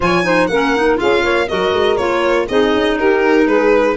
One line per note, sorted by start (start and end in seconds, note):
0.00 0.48 F3
0.00 0.23 F4
0.00 0.25 C#5
0.00 0.47 G#5
0.23 0.48 D#4
0.23 0.50 C5
0.47 0.98 A#3
0.47 0.76 C#4
0.47 0.99 A#4
0.47 0.96 F#5
0.76 0.96 D#4
0.96 1.46 F4
0.96 1.22 G#4
0.96 1.48 F5
1.02 1.23 C#4
1.22 1.48 A#3
1.22 1.46 C#5
1.47 1.73 F#3
1.47 1.97 F#4
1.47 2.47 A#4
1.47 1.96 D#5
1.73 1.97 G#3
1.96 2.48 A#3
1.96 2.47 F4
1.96 2.46 C#5
2.47 2.73 C4
2.47 3.97 D#4
2.47 2.97 G#4
2.47 2.98 D#5
2.73 2.98 C#4
2.97 3.46 D#4
2.97 3.46 G4
2.97 3.47 A#4
3.46 3.96 G#3
3.46 3.96 G#4
3.46 3.96 B4